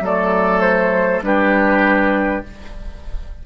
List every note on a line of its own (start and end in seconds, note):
0.00 1.20 F#3
0.00 1.23 A3
0.00 1.24 A4
0.00 0.60 D5
0.60 1.21 C5
1.22 2.42 G3
1.22 2.43 D4
1.22 2.45 G4
1.22 2.43 B4